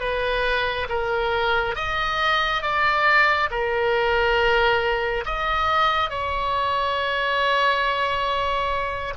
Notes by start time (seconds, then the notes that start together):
0.00 B4
0.89 A#4
1.75 D#5
2.62 D5
3.51 A#4
5.25 D#5
6.10 C#5